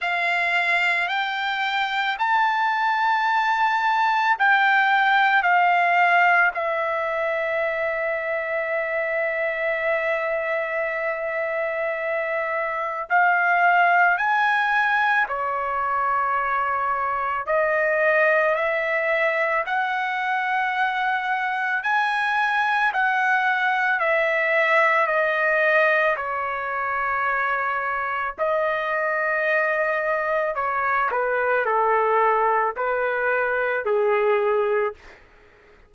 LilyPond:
\new Staff \with { instrumentName = "trumpet" } { \time 4/4 \tempo 4 = 55 f''4 g''4 a''2 | g''4 f''4 e''2~ | e''1 | f''4 gis''4 cis''2 |
dis''4 e''4 fis''2 | gis''4 fis''4 e''4 dis''4 | cis''2 dis''2 | cis''8 b'8 a'4 b'4 gis'4 | }